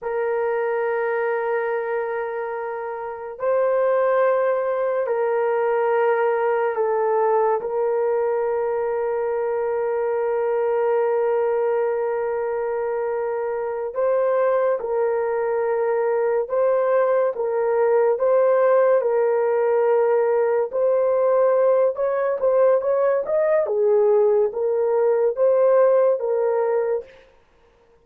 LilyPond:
\new Staff \with { instrumentName = "horn" } { \time 4/4 \tempo 4 = 71 ais'1 | c''2 ais'2 | a'4 ais'2.~ | ais'1~ |
ais'8 c''4 ais'2 c''8~ | c''8 ais'4 c''4 ais'4.~ | ais'8 c''4. cis''8 c''8 cis''8 dis''8 | gis'4 ais'4 c''4 ais'4 | }